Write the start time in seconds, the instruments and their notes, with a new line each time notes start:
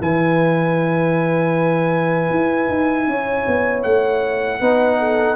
0.00 tuba E3, trombone E4, horn B4, trumpet G#5
2.30 tuba E4
2.68 tuba D#4
3.07 tuba C#4, horn C#5
3.47 tuba B3
3.83 tuba A3, trumpet F#5
4.60 tuba B3, trombone D#4, horn B4
4.99 horn A4